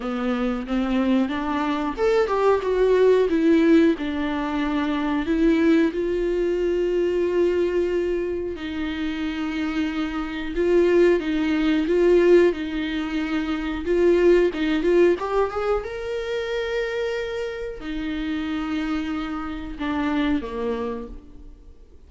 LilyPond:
\new Staff \with { instrumentName = "viola" } { \time 4/4 \tempo 4 = 91 b4 c'4 d'4 a'8 g'8 | fis'4 e'4 d'2 | e'4 f'2.~ | f'4 dis'2. |
f'4 dis'4 f'4 dis'4~ | dis'4 f'4 dis'8 f'8 g'8 gis'8 | ais'2. dis'4~ | dis'2 d'4 ais4 | }